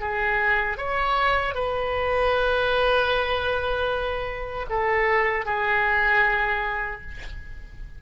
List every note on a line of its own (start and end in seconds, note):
0.00 0.77 G#4
0.77 1.55 C#5
1.55 4.66 B4
4.70 5.45 A4
5.45 7.01 G#4